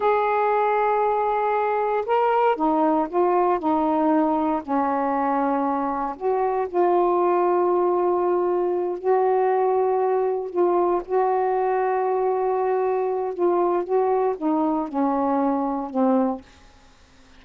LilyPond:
\new Staff \with { instrumentName = "saxophone" } { \time 4/4 \tempo 4 = 117 gis'1 | ais'4 dis'4 f'4 dis'4~ | dis'4 cis'2. | fis'4 f'2.~ |
f'4. fis'2~ fis'8~ | fis'8 f'4 fis'2~ fis'8~ | fis'2 f'4 fis'4 | dis'4 cis'2 c'4 | }